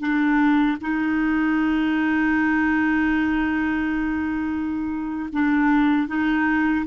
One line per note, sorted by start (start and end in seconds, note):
0.00 0.78 D4
0.81 5.30 D#4
5.33 6.08 D4
6.08 6.86 D#4